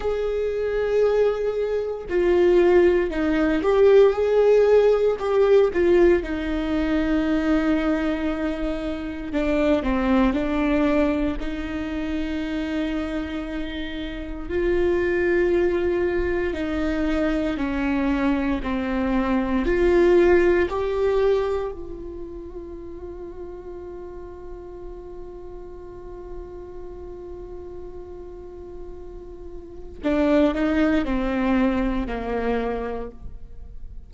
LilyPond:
\new Staff \with { instrumentName = "viola" } { \time 4/4 \tempo 4 = 58 gis'2 f'4 dis'8 g'8 | gis'4 g'8 f'8 dis'2~ | dis'4 d'8 c'8 d'4 dis'4~ | dis'2 f'2 |
dis'4 cis'4 c'4 f'4 | g'4 f'2.~ | f'1~ | f'4 d'8 dis'8 c'4 ais4 | }